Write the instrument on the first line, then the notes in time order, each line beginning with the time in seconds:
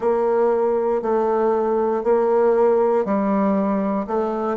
bassoon
0.00 A#3
1.02 A3
2.03 A#3
3.05 G3
4.07 A3